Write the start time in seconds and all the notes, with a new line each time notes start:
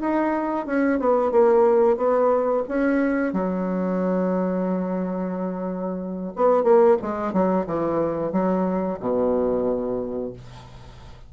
0.00 D#4
0.66 C#4
0.99 B3
1.31 A#3
1.97 B3
2.68 C#4
3.33 F#3
6.35 B3
6.63 A#3
7.01 G#3
7.33 F#3
7.66 E3
8.32 F#3
8.99 B2